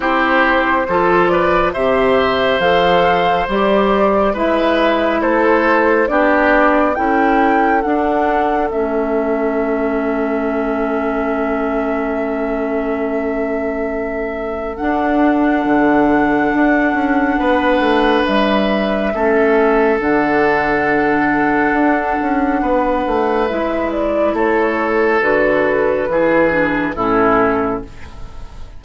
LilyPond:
<<
  \new Staff \with { instrumentName = "flute" } { \time 4/4 \tempo 4 = 69 c''4. d''8 e''4 f''4 | d''4 e''4 c''4 d''4 | g''4 fis''4 e''2~ | e''1~ |
e''4 fis''2.~ | fis''4 e''2 fis''4~ | fis''2. e''8 d''8 | cis''4 b'2 a'4 | }
  \new Staff \with { instrumentName = "oboe" } { \time 4/4 g'4 a'8 b'8 c''2~ | c''4 b'4 a'4 g'4 | a'1~ | a'1~ |
a'1 | b'2 a'2~ | a'2 b'2 | a'2 gis'4 e'4 | }
  \new Staff \with { instrumentName = "clarinet" } { \time 4/4 e'4 f'4 g'4 a'4 | g'4 e'2 d'4 | e'4 d'4 cis'2~ | cis'1~ |
cis'4 d'2.~ | d'2 cis'4 d'4~ | d'2. e'4~ | e'4 fis'4 e'8 d'8 cis'4 | }
  \new Staff \with { instrumentName = "bassoon" } { \time 4/4 c'4 f4 c4 f4 | g4 gis4 a4 b4 | cis'4 d'4 a2~ | a1~ |
a4 d'4 d4 d'8 cis'8 | b8 a8 g4 a4 d4~ | d4 d'8 cis'8 b8 a8 gis4 | a4 d4 e4 a,4 | }
>>